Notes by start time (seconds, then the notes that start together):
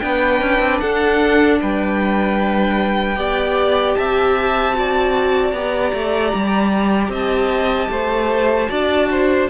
0.00 B3 D4 B4 G5
0.41 C#4
0.60 C4
0.80 D4 A4 F#5
1.61 G3 B4 G5
3.17 B3 G4 D5
3.95 C4 E5 A5
4.75 F#4 D5
5.52 B3 G4 A#5
5.94 A3
6.35 G3
7.09 C4 D#5 A5
7.90 A3 C5
8.70 D4 F#4 D5
9.11 C5